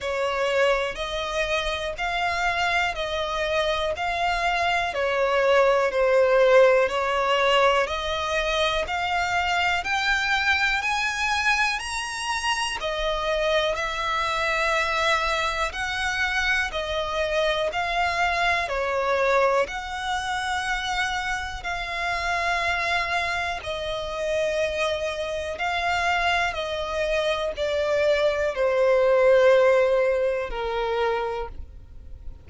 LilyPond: \new Staff \with { instrumentName = "violin" } { \time 4/4 \tempo 4 = 61 cis''4 dis''4 f''4 dis''4 | f''4 cis''4 c''4 cis''4 | dis''4 f''4 g''4 gis''4 | ais''4 dis''4 e''2 |
fis''4 dis''4 f''4 cis''4 | fis''2 f''2 | dis''2 f''4 dis''4 | d''4 c''2 ais'4 | }